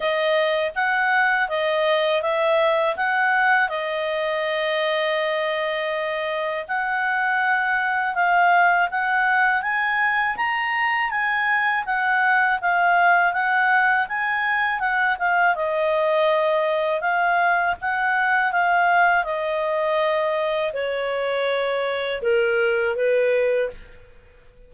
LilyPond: \new Staff \with { instrumentName = "clarinet" } { \time 4/4 \tempo 4 = 81 dis''4 fis''4 dis''4 e''4 | fis''4 dis''2.~ | dis''4 fis''2 f''4 | fis''4 gis''4 ais''4 gis''4 |
fis''4 f''4 fis''4 gis''4 | fis''8 f''8 dis''2 f''4 | fis''4 f''4 dis''2 | cis''2 ais'4 b'4 | }